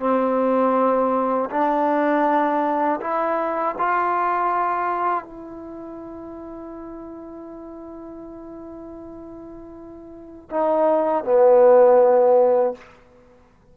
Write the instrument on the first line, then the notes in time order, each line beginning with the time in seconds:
trombone
0.00 C4
1.50 D4
3.01 E4
3.78 F4
5.25 E4
10.51 D#4
11.25 B3